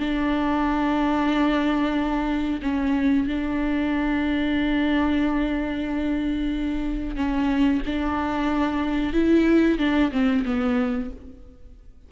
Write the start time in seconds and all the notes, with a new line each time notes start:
0.00 D4
2.62 C#4
3.28 D4
7.17 C#4
7.87 D4
9.14 E4
9.79 D4
10.12 C4
10.46 B3